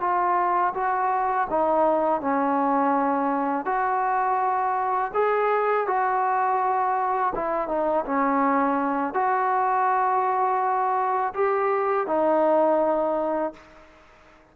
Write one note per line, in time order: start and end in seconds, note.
0.00 0.73 F4
0.74 1.47 F#4
1.50 2.21 D#4
2.21 3.65 C#4
3.65 5.12 F#4
5.14 5.87 G#4
5.87 7.33 F#4
7.35 7.68 E4
7.68 8.05 D#4
8.05 9.14 C#4
9.14 11.33 F#4
11.34 12.07 G4
12.07 13.53 D#4